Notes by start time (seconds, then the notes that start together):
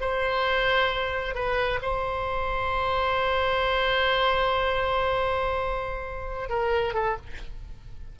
0.00 C5
1.34 B4
1.82 C5
6.49 A#4
6.93 A4